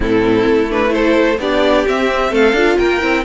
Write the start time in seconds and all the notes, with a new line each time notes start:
0.00 A2 C4 E4 A4
0.45 A3
0.69 D4 B4
0.88 E4 A4 C5
1.38 B3 D4 G4 D5
1.87 C4 E5
2.30 A3 A4 F5
2.52 D4 F4
2.77 A#3 A#4 G5
3.00 C4 E4